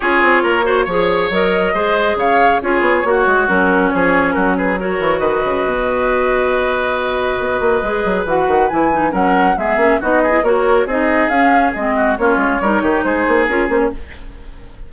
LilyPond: <<
  \new Staff \with { instrumentName = "flute" } { \time 4/4 \tempo 4 = 138 cis''2. dis''4~ | dis''4 f''4 cis''2 | ais'4 cis''4 ais'8 b'8 cis''4 | dis''1~ |
dis''2. fis''4 | gis''4 fis''4 e''4 dis''4 | cis''4 dis''4 f''4 dis''4 | cis''2 c''4 ais'8 c''16 cis''16 | }
  \new Staff \with { instrumentName = "oboe" } { \time 4/4 gis'4 ais'8 c''8 cis''2 | c''4 cis''4 gis'4 fis'4~ | fis'4 gis'4 fis'8 gis'8 ais'4 | b'1~ |
b'1~ | b'4 ais'4 gis'4 fis'8 gis'8 | ais'4 gis'2~ gis'8 fis'8 | f'4 ais'8 g'8 gis'2 | }
  \new Staff \with { instrumentName = "clarinet" } { \time 4/4 f'4. fis'8 gis'4 ais'4 | gis'2 f'4 fis'4 | cis'2. fis'4~ | fis'1~ |
fis'2 gis'4 fis'4 | e'8 dis'8 cis'4 b8 cis'8 dis'8. e'16 | fis'4 dis'4 cis'4 c'4 | cis'4 dis'2 f'8 cis'8 | }
  \new Staff \with { instrumentName = "bassoon" } { \time 4/4 cis'8 c'8 ais4 f4 fis4 | gis4 cis4 cis'8 b8 ais8 gis8 | fis4 f4 fis4. e8 | dis8 cis8 b,2.~ |
b,4 b8 ais8 gis8 fis8 e8 dis8 | e4 fis4 gis8 ais8 b4 | ais4 c'4 cis'4 gis4 | ais8 gis8 g8 dis8 gis8 ais8 cis'8 ais8 | }
>>